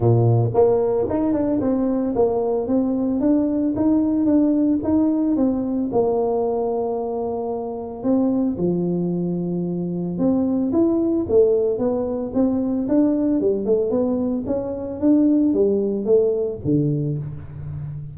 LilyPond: \new Staff \with { instrumentName = "tuba" } { \time 4/4 \tempo 4 = 112 ais,4 ais4 dis'8 d'8 c'4 | ais4 c'4 d'4 dis'4 | d'4 dis'4 c'4 ais4~ | ais2. c'4 |
f2. c'4 | e'4 a4 b4 c'4 | d'4 g8 a8 b4 cis'4 | d'4 g4 a4 d4 | }